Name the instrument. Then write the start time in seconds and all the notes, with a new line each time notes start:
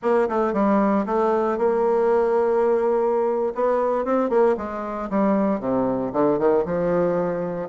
bassoon
0.02 A#3
0.28 A3
0.53 G3
1.06 A3
1.58 A#3
3.55 B3
4.04 C4
4.29 A#3
4.57 G#3
5.09 G3
5.60 C3
6.12 D3
6.38 D#3
6.65 F3